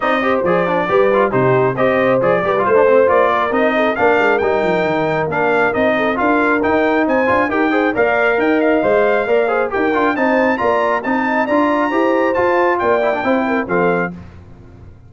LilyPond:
<<
  \new Staff \with { instrumentName = "trumpet" } { \time 4/4 \tempo 4 = 136 dis''4 d''2 c''4 | dis''4 d''4 c''4 d''4 | dis''4 f''4 g''2 | f''4 dis''4 f''4 g''4 |
gis''4 g''4 f''4 g''8 f''8~ | f''2 g''4 a''4 | ais''4 a''4 ais''2 | a''4 g''2 f''4 | }
  \new Staff \with { instrumentName = "horn" } { \time 4/4 d''8 c''4. b'4 g'4 | c''4. b'8 c''4. ais'8~ | ais'8 a'8 ais'2.~ | ais'4. a'8 ais'2 |
c''4 ais'8 c''8 d''4 dis''4~ | dis''4 d''8 c''8 ais'4 c''4 | d''4 dis''4 d''4 c''4~ | c''4 d''4 c''8 ais'8 a'4 | }
  \new Staff \with { instrumentName = "trombone" } { \time 4/4 dis'8 g'8 gis'8 d'8 g'8 f'8 dis'4 | g'4 gis'8 g'16 f'8 d'16 c'8 f'4 | dis'4 d'4 dis'2 | d'4 dis'4 f'4 dis'4~ |
dis'8 f'8 g'8 gis'8 ais'2 | c''4 ais'8 gis'8 g'8 f'8 dis'4 | f'4 dis'4 f'4 g'4 | f'4. e'16 d'16 e'4 c'4 | }
  \new Staff \with { instrumentName = "tuba" } { \time 4/4 c'4 f4 g4 c4 | c'4 f8 g8 a4 ais4 | c'4 ais8 gis8 g8 f8 dis4 | ais4 c'4 d'4 dis'4 |
c'8 d'8 dis'4 ais4 dis'4 | gis4 ais4 dis'8 d'8 c'4 | ais4 c'4 d'4 e'4 | f'4 ais4 c'4 f4 | }
>>